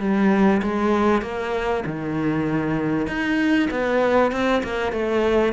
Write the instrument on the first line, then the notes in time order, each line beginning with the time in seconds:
cello
0.00 G3
0.63 G#3
1.22 A#3
1.86 D#3
3.08 D#4
3.71 B3
4.32 C4
4.64 A#3
4.93 A3